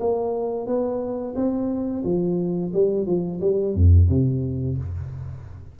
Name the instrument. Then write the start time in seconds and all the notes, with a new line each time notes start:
tuba
0.00 A#3
0.67 B3
1.35 C4
2.04 F3
2.73 G3
3.06 F3
3.41 G3
3.75 F2
4.09 C3